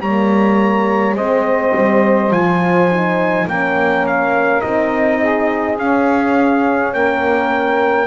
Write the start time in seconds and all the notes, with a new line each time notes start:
0.00 G3 A#3 C#5 A#5
1.15 G#3 C4 C5 D#5
1.76 G3
2.31 F3 F4 G#5
2.91 D#4
3.47 A#3 C#4 A#4 G5
4.07 F5
4.62 C4 D#4 D#5
5.20 G#4
5.77 C#4 F5
6.94 A#3 A#4 G5